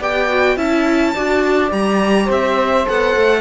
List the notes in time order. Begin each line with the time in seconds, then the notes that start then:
0.00 B3 G4 D5 G5
0.29 F#4
0.56 C#4 E4 E5 A5
1.14 D4 F#4 D5
1.69 G3 G4 A#5
2.25 C4 C5
2.31 E5
2.86 B3 A4 F#5
3.16 A3